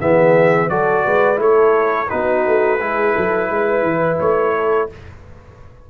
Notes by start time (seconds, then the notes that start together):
0.00 E3 B3 G#4 E5
0.68 F#3 F#4 A4 D5
1.05 G#3 B4
1.36 A3 E4 A4 C#5
2.09 B3 D#4 F#4 B4
2.46 A3
2.80 G#3 E4 G#4
3.13 F#3 A4
3.49 G#3 B4
3.82 E3
4.19 A3 C#5
4.55 A4